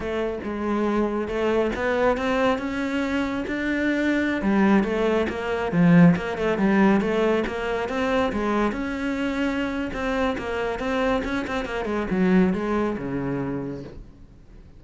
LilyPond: \new Staff \with { instrumentName = "cello" } { \time 4/4 \tempo 4 = 139 a4 gis2 a4 | b4 c'4 cis'2 | d'2~ d'16 g4 a8.~ | a16 ais4 f4 ais8 a8 g8.~ |
g16 a4 ais4 c'4 gis8.~ | gis16 cis'2~ cis'8. c'4 | ais4 c'4 cis'8 c'8 ais8 gis8 | fis4 gis4 cis2 | }